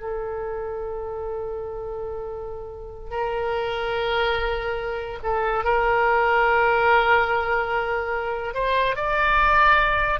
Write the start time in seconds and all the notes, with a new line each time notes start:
0.00 A4
3.10 A#4
5.22 A4
5.64 A#4
8.54 C5
8.95 D5